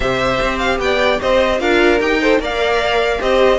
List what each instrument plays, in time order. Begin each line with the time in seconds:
0.00 cello C3, viola G4, violin C5 E5
0.41 cello C4
0.58 violin F5
0.79 cello B3, violin D5 G5
1.21 cello C4, violin C5 D#5
1.59 cello D4, viola F4, violin A#4 F5
2.00 cello D#4, viola G4, violin G5
2.20 viola A4, violin C5
2.39 cello A#3, viola A#4, violin D5 F5
3.19 cello C4, viola G4, violin C5 D#5